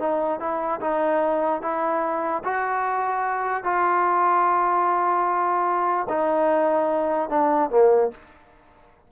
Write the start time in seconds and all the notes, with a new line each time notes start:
0.00 D#4
0.40 E4
0.81 D#4
1.62 E4
2.45 F#4
3.64 F4
6.09 D#4
7.30 D4
7.71 A#3